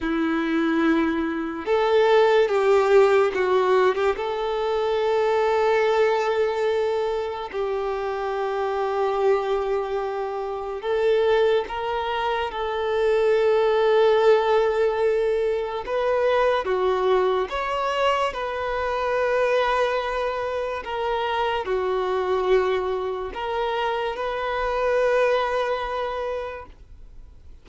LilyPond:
\new Staff \with { instrumentName = "violin" } { \time 4/4 \tempo 4 = 72 e'2 a'4 g'4 | fis'8. g'16 a'2.~ | a'4 g'2.~ | g'4 a'4 ais'4 a'4~ |
a'2. b'4 | fis'4 cis''4 b'2~ | b'4 ais'4 fis'2 | ais'4 b'2. | }